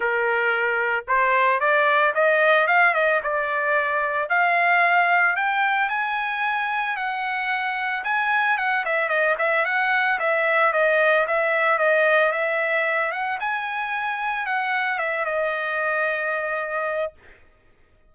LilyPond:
\new Staff \with { instrumentName = "trumpet" } { \time 4/4 \tempo 4 = 112 ais'2 c''4 d''4 | dis''4 f''8 dis''8 d''2 | f''2 g''4 gis''4~ | gis''4 fis''2 gis''4 |
fis''8 e''8 dis''8 e''8 fis''4 e''4 | dis''4 e''4 dis''4 e''4~ | e''8 fis''8 gis''2 fis''4 | e''8 dis''2.~ dis''8 | }